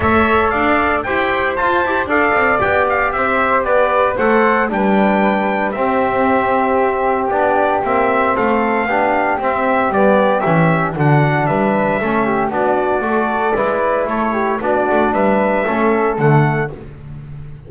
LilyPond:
<<
  \new Staff \with { instrumentName = "trumpet" } { \time 4/4 \tempo 4 = 115 e''4 f''4 g''4 a''4 | f''4 g''8 f''8 e''4 d''4 | fis''4 g''2 e''4~ | e''2 d''4 e''4 |
f''2 e''4 d''4 | e''4 fis''4 e''2 | d''2. cis''4 | d''4 e''2 fis''4 | }
  \new Staff \with { instrumentName = "flute" } { \time 4/4 cis''4 d''4 c''2 | d''2 c''4 b'4 | c''4 b'2 g'4~ | g'1 |
a'4 g'2.~ | g'4 fis'4 b'4 a'8 g'8 | fis'4 a'4 b'4 a'8 g'8 | fis'4 b'4 a'2 | }
  \new Staff \with { instrumentName = "trombone" } { \time 4/4 a'2 g'4 f'8 g'8 | a'4 g'2. | a'4 d'2 c'4~ | c'2 d'4 c'4~ |
c'4 d'4 c'4 b4 | cis'4 d'2 cis'4 | d'4 fis'4 e'2 | d'2 cis'4 a4 | }
  \new Staff \with { instrumentName = "double bass" } { \time 4/4 a4 d'4 e'4 f'8 e'8 | d'8 c'8 b4 c'4 b4 | a4 g2 c'4~ | c'2 b4 ais4 |
a4 b4 c'4 g4 | e4 d4 g4 a4 | b4 a4 gis4 a4 | b8 a8 g4 a4 d4 | }
>>